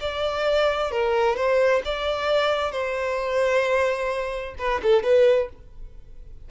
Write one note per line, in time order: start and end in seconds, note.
0.00 0.91 D5
0.91 1.36 A#4
1.36 1.82 C5
1.84 2.71 D5
2.71 4.54 C5
4.58 4.81 B4
4.82 5.03 A4
5.03 5.49 B4